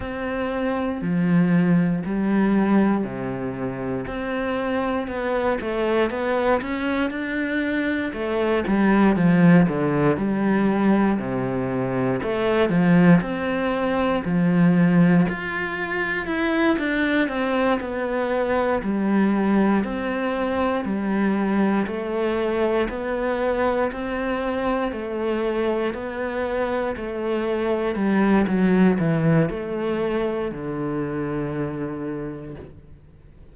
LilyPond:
\new Staff \with { instrumentName = "cello" } { \time 4/4 \tempo 4 = 59 c'4 f4 g4 c4 | c'4 b8 a8 b8 cis'8 d'4 | a8 g8 f8 d8 g4 c4 | a8 f8 c'4 f4 f'4 |
e'8 d'8 c'8 b4 g4 c'8~ | c'8 g4 a4 b4 c'8~ | c'8 a4 b4 a4 g8 | fis8 e8 a4 d2 | }